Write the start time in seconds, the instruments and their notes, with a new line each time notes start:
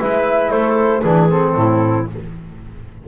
0.00 double bass G#3, trombone E4, clarinet B4, flute E5
0.51 double bass A3, clarinet A4, flute C5
1.01 double bass E3, trombone D4, clarinet G#4, flute B4
1.30 trombone C4, flute A4
1.56 double bass A2, clarinet E4